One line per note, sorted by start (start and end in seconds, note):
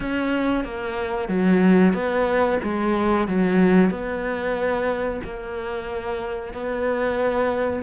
0.00 0.64 C#4
0.64 1.28 A#3
1.28 1.93 F#3
1.93 2.58 B3
2.63 3.27 G#3
3.27 3.90 F#3
3.90 5.20 B3
5.24 6.53 A#3
6.53 7.82 B3